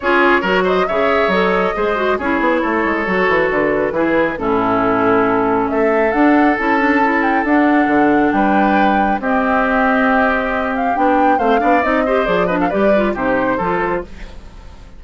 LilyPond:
<<
  \new Staff \with { instrumentName = "flute" } { \time 4/4 \tempo 4 = 137 cis''4. dis''8 e''4 dis''4~ | dis''4 cis''2. | b'2 a'2~ | a'4 e''4 fis''4 a''4~ |
a''8 g''8 fis''2 g''4~ | g''4 dis''2.~ | dis''8 f''8 g''4 f''4 dis''4 | d''8 dis''16 f''16 d''4 c''2 | }
  \new Staff \with { instrumentName = "oboe" } { \time 4/4 gis'4 ais'8 c''8 cis''2 | c''4 gis'4 a'2~ | a'4 gis'4 e'2~ | e'4 a'2.~ |
a'2. b'4~ | b'4 g'2.~ | g'2 c''8 d''4 c''8~ | c''8 b'16 a'16 b'4 g'4 a'4 | }
  \new Staff \with { instrumentName = "clarinet" } { \time 4/4 f'4 fis'4 gis'4 a'4 | gis'8 fis'8 e'2 fis'4~ | fis'4 e'4 cis'2~ | cis'2 d'4 e'8 d'8 |
e'4 d'2.~ | d'4 c'2.~ | c'4 d'4 c'8 d'8 dis'8 g'8 | gis'8 d'8 g'8 f'8 dis'4 f'4 | }
  \new Staff \with { instrumentName = "bassoon" } { \time 4/4 cis'4 fis4 cis4 fis4 | gis4 cis'8 b8 a8 gis8 fis8 e8 | d4 e4 a,2~ | a,4 a4 d'4 cis'4~ |
cis'4 d'4 d4 g4~ | g4 c'2.~ | c'4 b4 a8 b8 c'4 | f4 g4 c4 f4 | }
>>